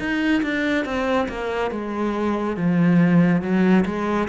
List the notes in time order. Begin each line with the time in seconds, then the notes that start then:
0.00 D#4
0.43 D4
0.85 C4
1.29 A#3
1.71 G#3
2.57 F3
3.42 F#3
3.86 G#3